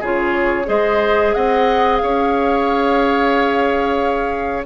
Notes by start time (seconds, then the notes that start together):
0.00 C#3 F4 G#4 C#5
0.65 G#3 G#4 C5 D#5
1.35 C4 D#5 F#5
1.97 C#4 C#5 F5